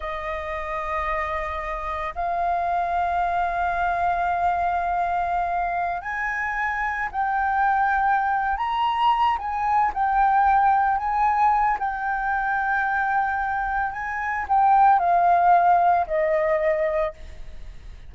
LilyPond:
\new Staff \with { instrumentName = "flute" } { \time 4/4 \tempo 4 = 112 dis''1 | f''1~ | f''2.~ f''16 gis''8.~ | gis''4~ gis''16 g''2~ g''8. |
ais''4. gis''4 g''4.~ | g''8 gis''4. g''2~ | g''2 gis''4 g''4 | f''2 dis''2 | }